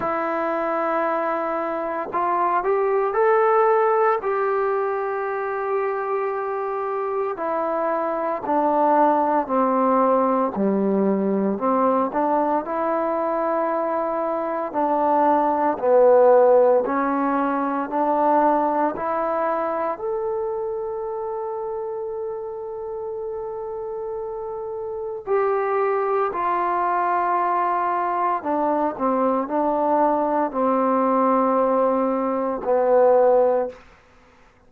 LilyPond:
\new Staff \with { instrumentName = "trombone" } { \time 4/4 \tempo 4 = 57 e'2 f'8 g'8 a'4 | g'2. e'4 | d'4 c'4 g4 c'8 d'8 | e'2 d'4 b4 |
cis'4 d'4 e'4 a'4~ | a'1 | g'4 f'2 d'8 c'8 | d'4 c'2 b4 | }